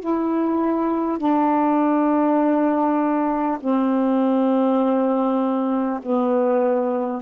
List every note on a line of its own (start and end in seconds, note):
0.00 1.18 E4
1.18 3.58 D4
3.61 6.01 C4
6.02 7.22 B3